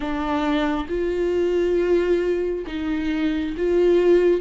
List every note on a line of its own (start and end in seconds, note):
0.00 0.86 D4
0.88 2.65 F4
2.67 3.55 D#4
3.57 4.40 F4